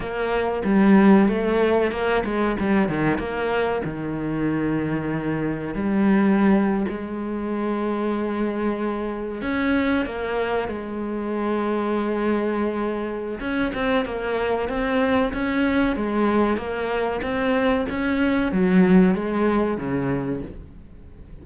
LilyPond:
\new Staff \with { instrumentName = "cello" } { \time 4/4 \tempo 4 = 94 ais4 g4 a4 ais8 gis8 | g8 dis8 ais4 dis2~ | dis4 g4.~ g16 gis4~ gis16~ | gis2~ gis8. cis'4 ais16~ |
ais8. gis2.~ gis16~ | gis4 cis'8 c'8 ais4 c'4 | cis'4 gis4 ais4 c'4 | cis'4 fis4 gis4 cis4 | }